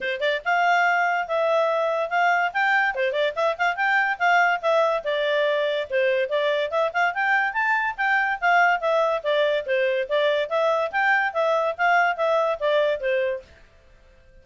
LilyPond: \new Staff \with { instrumentName = "clarinet" } { \time 4/4 \tempo 4 = 143 c''8 d''8 f''2 e''4~ | e''4 f''4 g''4 c''8 d''8 | e''8 f''8 g''4 f''4 e''4 | d''2 c''4 d''4 |
e''8 f''8 g''4 a''4 g''4 | f''4 e''4 d''4 c''4 | d''4 e''4 g''4 e''4 | f''4 e''4 d''4 c''4 | }